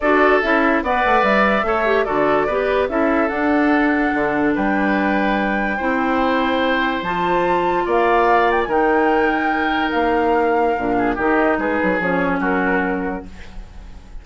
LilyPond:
<<
  \new Staff \with { instrumentName = "flute" } { \time 4/4 \tempo 4 = 145 d''4 e''4 fis''4 e''4~ | e''4 d''2 e''4 | fis''2. g''4~ | g''1~ |
g''4 a''2 f''4~ | f''8 g''16 gis''16 g''2. | f''2. dis''4 | b'4 cis''4 ais'2 | }
  \new Staff \with { instrumentName = "oboe" } { \time 4/4 a'2 d''2 | cis''4 a'4 b'4 a'4~ | a'2. b'4~ | b'2 c''2~ |
c''2. d''4~ | d''4 ais'2.~ | ais'2~ ais'8 gis'8 g'4 | gis'2 fis'2 | }
  \new Staff \with { instrumentName = "clarinet" } { \time 4/4 fis'4 e'4 b'2 | a'8 g'8 fis'4 g'4 e'4 | d'1~ | d'2 e'2~ |
e'4 f'2.~ | f'4 dis'2.~ | dis'2 d'4 dis'4~ | dis'4 cis'2. | }
  \new Staff \with { instrumentName = "bassoon" } { \time 4/4 d'4 cis'4 b8 a8 g4 | a4 d4 b4 cis'4 | d'2 d4 g4~ | g2 c'2~ |
c'4 f2 ais4~ | ais4 dis2. | ais2 ais,4 dis4 | gis8 fis8 f4 fis2 | }
>>